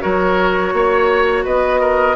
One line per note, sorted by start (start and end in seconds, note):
0.00 0.73 F#3
0.00 2.14 F#4
0.00 0.73 A#4
0.00 1.44 C#5
0.73 1.44 A#3
0.73 1.44 C#5
1.44 2.15 B3
1.44 1.80 B4
1.44 2.15 D#5
1.80 2.15 A#4